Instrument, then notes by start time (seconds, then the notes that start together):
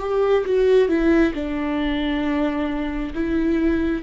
viola
0.00 G4
0.45 F#4
0.89 E4
1.34 D4
3.14 E4